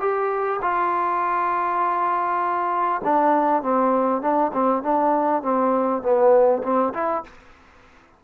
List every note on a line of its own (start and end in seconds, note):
0.00 0.60 G4
0.62 3.02 F4
3.04 3.62 D4
3.62 4.22 C4
4.22 4.52 D4
4.53 4.83 C4
4.83 5.42 D4
5.42 6.02 C4
6.02 6.62 B3
6.63 6.93 C4
6.94 7.24 E4